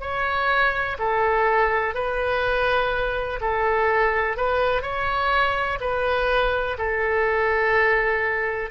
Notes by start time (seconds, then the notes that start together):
0.00 C#5
0.99 A4
1.94 B4
3.40 A4
4.36 B4
4.81 C#5
5.80 B4
6.77 A4